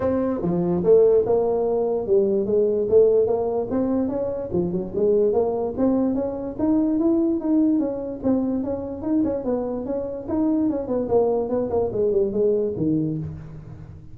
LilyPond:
\new Staff \with { instrumentName = "tuba" } { \time 4/4 \tempo 4 = 146 c'4 f4 a4 ais4~ | ais4 g4 gis4 a4 | ais4 c'4 cis'4 f8 fis8 | gis4 ais4 c'4 cis'4 |
dis'4 e'4 dis'4 cis'4 | c'4 cis'4 dis'8 cis'8 b4 | cis'4 dis'4 cis'8 b8 ais4 | b8 ais8 gis8 g8 gis4 dis4 | }